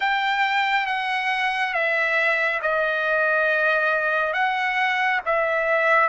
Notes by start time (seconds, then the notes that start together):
0.00 G5
0.86 F#5
1.73 E5
2.62 D#5
4.33 F#5
5.25 E5